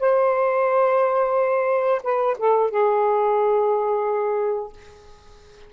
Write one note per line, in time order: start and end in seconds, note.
0.00 2.02 C5
2.04 2.37 B4
2.39 2.71 A4
2.71 4.73 G#4